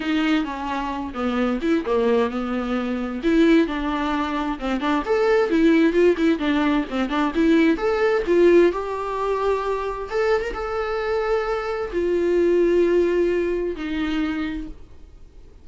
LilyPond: \new Staff \with { instrumentName = "viola" } { \time 4/4 \tempo 4 = 131 dis'4 cis'4. b4 e'8 | ais4 b2 e'4 | d'2 c'8 d'8 a'4 | e'4 f'8 e'8 d'4 c'8 d'8 |
e'4 a'4 f'4 g'4~ | g'2 a'8. ais'16 a'4~ | a'2 f'2~ | f'2 dis'2 | }